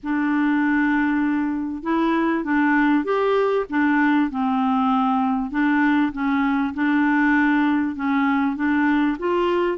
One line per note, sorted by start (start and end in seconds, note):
0.03 1.83 D4
1.83 2.44 E4
2.44 3.04 D4
3.04 3.65 G4
3.69 4.30 D4
4.30 5.50 C4
5.50 6.11 D4
6.12 6.73 C#4
6.73 7.95 D4
7.95 8.56 C#4
8.56 9.17 D4
9.18 9.77 F4